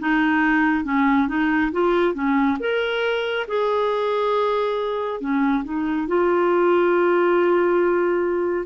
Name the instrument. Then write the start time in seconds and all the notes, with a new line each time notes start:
clarinet
0.00 D#4
0.85 C#4
1.28 D#4
1.72 F4
2.15 C#4
2.60 A#4
3.48 G#4
5.21 C#4
5.64 D#4
6.08 F4